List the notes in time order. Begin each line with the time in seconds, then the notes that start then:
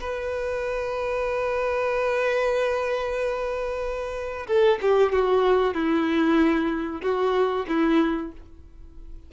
0.00 B4
4.47 A4
4.82 G4
5.12 F#4
5.74 E4
7.02 F#4
7.68 E4